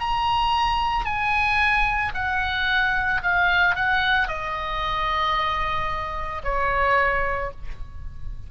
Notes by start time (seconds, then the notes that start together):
0.00 A#5
1.05 G#5
2.14 F#5
3.23 F5
3.75 F#5
4.28 D#5
6.44 C#5